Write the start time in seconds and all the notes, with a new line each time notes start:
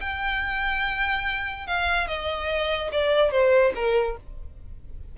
0.00 G5
1.66 F5
2.07 D#5
2.92 D5
3.31 C5
3.75 A#4